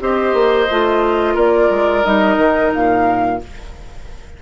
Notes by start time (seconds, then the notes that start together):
0.00 C4 G4 C5 D#5
0.34 A#3
0.71 A3 F4
1.35 A#3 A#4 D5
1.70 G#3
2.04 G3 D#4 D#5
2.37 D#3
2.74 A#2 F5